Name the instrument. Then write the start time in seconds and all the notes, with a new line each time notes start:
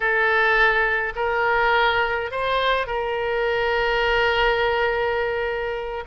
oboe
0.00 A4
1.15 A#4
2.31 C5
2.86 A#4